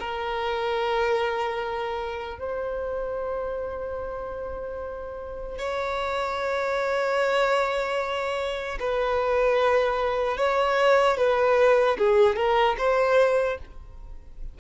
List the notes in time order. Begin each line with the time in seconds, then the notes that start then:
0.00 A#4
2.39 C5
5.59 C#5
8.80 B4
10.37 C#5
11.17 B4
11.99 G#4
12.36 A#4
12.79 C5